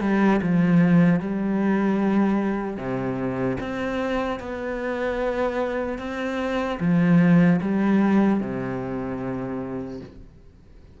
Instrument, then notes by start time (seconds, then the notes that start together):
cello
0.00 G3
0.41 F3
1.20 G3
2.77 C3
3.60 C4
4.39 B3
5.98 C4
6.80 F3
7.61 G3
8.40 C3